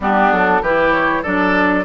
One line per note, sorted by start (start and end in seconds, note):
0.00 0.31 G3
0.00 0.63 B3
0.00 0.62 D4
0.00 0.32 G4
0.31 0.61 F#3
0.31 0.63 A4
0.61 1.23 E3
0.61 1.24 E4
0.61 1.22 G4
0.61 0.91 B4
0.91 1.22 C#5
1.22 1.84 F#3
1.22 1.84 D4
1.22 1.84 A4
1.22 1.84 D5